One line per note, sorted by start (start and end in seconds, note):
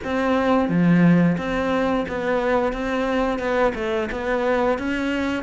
0.03 0.68 C4
0.68 1.36 F3
1.37 2.05 C4
2.08 2.73 B3
2.73 3.38 C4
3.38 3.73 B3
3.75 4.09 A3
4.11 4.78 B3
4.78 5.43 C#4